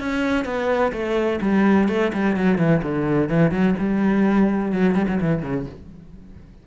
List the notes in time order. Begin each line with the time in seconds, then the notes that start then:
0.00 C#4
0.46 B3
0.93 A3
1.42 G3
1.89 A3
2.14 G3
2.37 F#3
2.58 E3
2.83 D3
3.30 E3
3.52 F#3
3.79 G3
4.73 F#3
4.95 G3
5.09 F#3
5.21 E3
5.43 C#3